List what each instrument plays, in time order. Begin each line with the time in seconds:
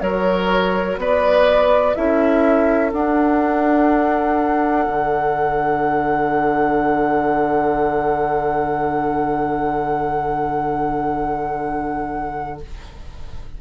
0.00 bassoon F#3, clarinet F#4, oboe A#4, flute C#5
0.97 bassoon B3, oboe B4, flute D5
1.94 bassoon C#4, clarinet E4, oboe A4, flute E5
2.91 clarinet D4, bassoon D4, flute F#5
4.87 bassoon D3